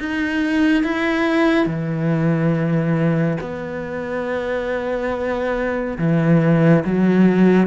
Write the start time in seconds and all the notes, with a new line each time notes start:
0.00 D#4
0.84 E4
1.67 E3
3.41 B3
5.99 E3
6.86 F#3